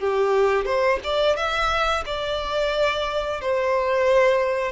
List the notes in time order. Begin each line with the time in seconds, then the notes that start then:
0.00 G4
0.66 C5
1.04 D5
1.37 E5
2.06 D5
3.41 C5